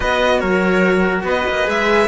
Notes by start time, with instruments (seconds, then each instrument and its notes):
0.00 cello B3 F#4, trumpet B4, violin D#5
0.39 cello F#3, trumpet A#4, violin C#5
1.23 cello B3, trumpet B4, violin D#5
1.48 cello A#3
1.64 cello G#3 G#4, violin E5